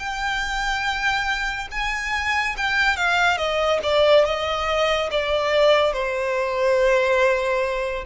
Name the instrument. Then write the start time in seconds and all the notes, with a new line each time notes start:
violin
0.00 G5
1.72 G#5
2.57 G5
2.97 F5
3.38 D#5
3.84 D5
4.26 D#5
5.12 D5
5.94 C5